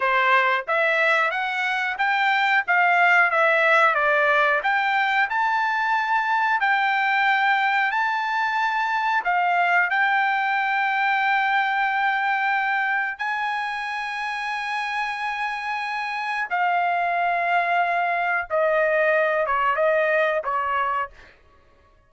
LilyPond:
\new Staff \with { instrumentName = "trumpet" } { \time 4/4 \tempo 4 = 91 c''4 e''4 fis''4 g''4 | f''4 e''4 d''4 g''4 | a''2 g''2 | a''2 f''4 g''4~ |
g''1 | gis''1~ | gis''4 f''2. | dis''4. cis''8 dis''4 cis''4 | }